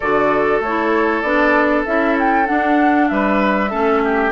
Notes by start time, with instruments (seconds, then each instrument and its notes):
0.00 bassoon D3, clarinet F#4, oboe A4, flute D5
0.60 bassoon A3, flute C#5
0.67 clarinet E4
1.21 bassoon B3, clarinet D4, flute D5
1.86 bassoon C#4, clarinet E4, flute E5
2.19 flute G5
2.45 clarinet D4, bassoon D4, flute F#5
3.07 bassoon G3, oboe B4, flute E5
3.70 bassoon A3, clarinet C#4, oboe A4
4.04 oboe G4